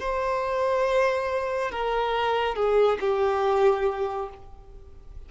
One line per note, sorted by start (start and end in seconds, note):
0.00 1.71 C5
1.71 2.55 A#4
2.55 2.98 G#4
3.00 4.29 G4